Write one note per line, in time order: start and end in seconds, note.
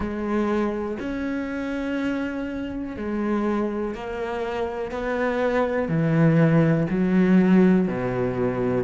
0.00 0.98 G#3
0.99 2.96 C#4
2.96 3.94 G#3
3.94 4.91 A#3
4.91 5.88 B3
5.88 6.86 E3
6.90 7.87 F#3
7.87 8.84 B2